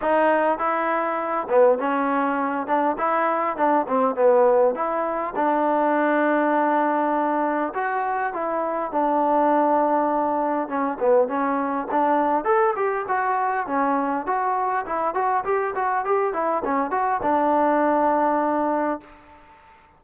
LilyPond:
\new Staff \with { instrumentName = "trombone" } { \time 4/4 \tempo 4 = 101 dis'4 e'4. b8 cis'4~ | cis'8 d'8 e'4 d'8 c'8 b4 | e'4 d'2.~ | d'4 fis'4 e'4 d'4~ |
d'2 cis'8 b8 cis'4 | d'4 a'8 g'8 fis'4 cis'4 | fis'4 e'8 fis'8 g'8 fis'8 g'8 e'8 | cis'8 fis'8 d'2. | }